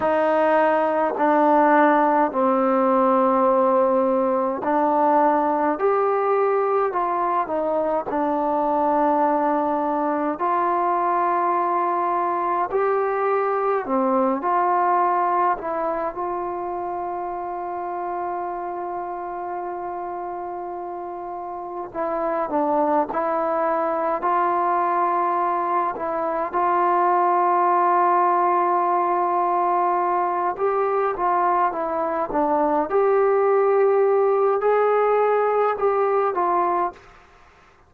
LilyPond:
\new Staff \with { instrumentName = "trombone" } { \time 4/4 \tempo 4 = 52 dis'4 d'4 c'2 | d'4 g'4 f'8 dis'8 d'4~ | d'4 f'2 g'4 | c'8 f'4 e'8 f'2~ |
f'2. e'8 d'8 | e'4 f'4. e'8 f'4~ | f'2~ f'8 g'8 f'8 e'8 | d'8 g'4. gis'4 g'8 f'8 | }